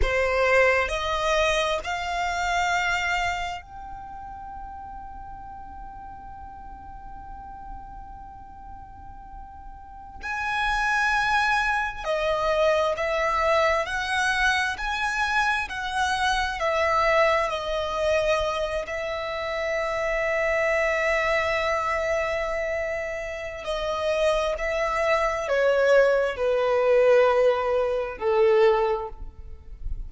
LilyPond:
\new Staff \with { instrumentName = "violin" } { \time 4/4 \tempo 4 = 66 c''4 dis''4 f''2 | g''1~ | g''2.~ g''16 gis''8.~ | gis''4~ gis''16 dis''4 e''4 fis''8.~ |
fis''16 gis''4 fis''4 e''4 dis''8.~ | dis''8. e''2.~ e''16~ | e''2 dis''4 e''4 | cis''4 b'2 a'4 | }